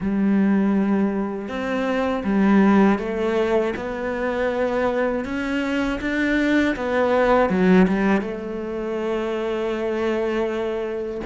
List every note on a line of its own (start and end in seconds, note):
0.00 1.48 G3
1.48 2.23 C4
2.24 2.98 G3
2.98 3.73 A3
3.75 5.24 B3
5.24 5.99 C#4
6.00 6.75 D4
6.75 7.49 B3
7.49 7.86 F#3
7.88 8.21 G3
8.21 11.21 A3